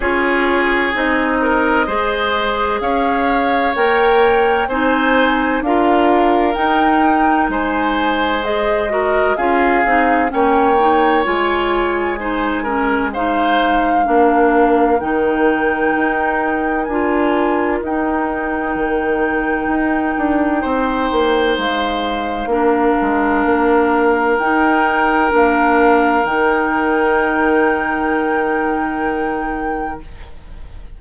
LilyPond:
<<
  \new Staff \with { instrumentName = "flute" } { \time 4/4 \tempo 4 = 64 cis''4 dis''2 f''4 | g''4 gis''4 f''4 g''4 | gis''4 dis''4 f''4 g''4 | gis''2 f''2 |
g''2 gis''4 g''4~ | g''2. f''4~ | f''2 g''4 f''4 | g''1 | }
  \new Staff \with { instrumentName = "oboe" } { \time 4/4 gis'4. ais'8 c''4 cis''4~ | cis''4 c''4 ais'2 | c''4. ais'8 gis'4 cis''4~ | cis''4 c''8 ais'8 c''4 ais'4~ |
ais'1~ | ais'2 c''2 | ais'1~ | ais'1 | }
  \new Staff \with { instrumentName = "clarinet" } { \time 4/4 f'4 dis'4 gis'2 | ais'4 dis'4 f'4 dis'4~ | dis'4 gis'8 fis'8 f'8 dis'8 cis'8 dis'8 | f'4 dis'8 cis'8 dis'4 d'4 |
dis'2 f'4 dis'4~ | dis'1 | d'2 dis'4 d'4 | dis'1 | }
  \new Staff \with { instrumentName = "bassoon" } { \time 4/4 cis'4 c'4 gis4 cis'4 | ais4 c'4 d'4 dis'4 | gis2 cis'8 c'8 ais4 | gis2. ais4 |
dis4 dis'4 d'4 dis'4 | dis4 dis'8 d'8 c'8 ais8 gis4 | ais8 gis8 ais4 dis'4 ais4 | dis1 | }
>>